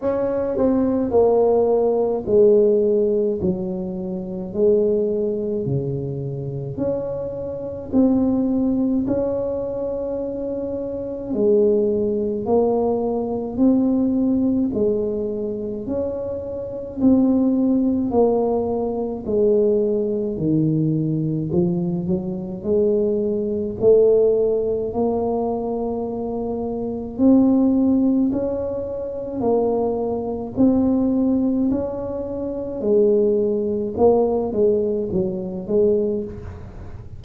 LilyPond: \new Staff \with { instrumentName = "tuba" } { \time 4/4 \tempo 4 = 53 cis'8 c'8 ais4 gis4 fis4 | gis4 cis4 cis'4 c'4 | cis'2 gis4 ais4 | c'4 gis4 cis'4 c'4 |
ais4 gis4 dis4 f8 fis8 | gis4 a4 ais2 | c'4 cis'4 ais4 c'4 | cis'4 gis4 ais8 gis8 fis8 gis8 | }